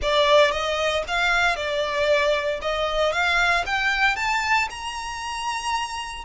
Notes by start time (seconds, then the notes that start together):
0.01 D5
0.51 D#5
1.07 F5
1.55 D5
2.61 D#5
3.12 F5
3.66 G5
4.16 A5
4.70 A#5